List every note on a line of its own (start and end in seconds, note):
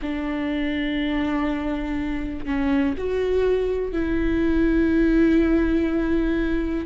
0.01 2.45 D4
2.45 2.94 C#4
2.97 3.92 F#4
3.92 6.86 E4